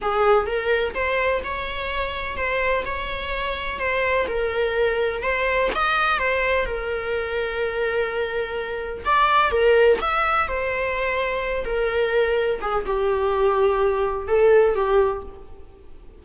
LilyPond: \new Staff \with { instrumentName = "viola" } { \time 4/4 \tempo 4 = 126 gis'4 ais'4 c''4 cis''4~ | cis''4 c''4 cis''2 | c''4 ais'2 c''4 | dis''4 c''4 ais'2~ |
ais'2. d''4 | ais'4 e''4 c''2~ | c''8 ais'2 gis'8 g'4~ | g'2 a'4 g'4 | }